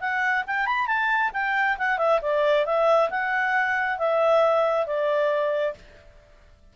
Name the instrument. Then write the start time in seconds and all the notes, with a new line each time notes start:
clarinet
0.00 F#5
0.47 G5
0.66 B5
0.87 A5
1.33 G5
1.78 F#5
1.98 E5
2.21 D5
2.65 E5
3.10 F#5
3.98 E5
4.86 D5